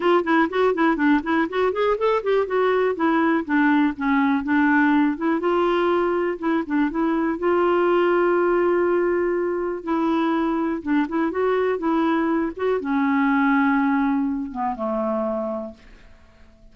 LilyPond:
\new Staff \with { instrumentName = "clarinet" } { \time 4/4 \tempo 4 = 122 f'8 e'8 fis'8 e'8 d'8 e'8 fis'8 gis'8 | a'8 g'8 fis'4 e'4 d'4 | cis'4 d'4. e'8 f'4~ | f'4 e'8 d'8 e'4 f'4~ |
f'1 | e'2 d'8 e'8 fis'4 | e'4. fis'8 cis'2~ | cis'4. b8 a2 | }